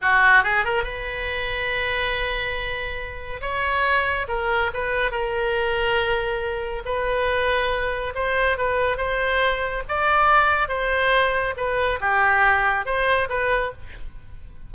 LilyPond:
\new Staff \with { instrumentName = "oboe" } { \time 4/4 \tempo 4 = 140 fis'4 gis'8 ais'8 b'2~ | b'1 | cis''2 ais'4 b'4 | ais'1 |
b'2. c''4 | b'4 c''2 d''4~ | d''4 c''2 b'4 | g'2 c''4 b'4 | }